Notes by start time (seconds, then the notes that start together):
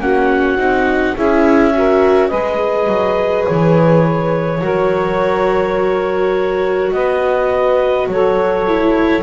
0.00 A#3 C#4 F#4 F#5
0.57 C4 D#4
1.16 C#4 E4 G#4 E5
1.74 F#4 A#4
2.29 G#3 G#4 B4 D#5
2.88 F#3
3.47 E3 C#5
4.62 F#3 F#4 A#4
6.92 B3 B4 D#5
8.08 F#3 A4 C#5
8.68 E4